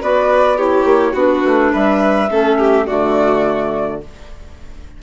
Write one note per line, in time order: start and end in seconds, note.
0.00 0.84 B3
0.00 0.57 F#4
0.00 0.57 B4
0.00 0.58 D5
0.57 1.13 E4
0.57 1.12 G4
0.57 1.15 C#5
0.84 1.13 A#3
1.12 1.42 B3
1.12 2.28 D4
1.12 1.70 F#4
1.12 1.73 B4
1.44 1.73 A3
1.72 2.30 G3
1.72 2.29 B4
1.72 2.86 E5
2.29 2.87 A3
2.29 2.86 C#4
2.29 2.58 A4
2.58 2.86 G4
2.86 4.02 D3
2.86 4.01 A3
2.86 4.01 F#4
2.86 4.00 D5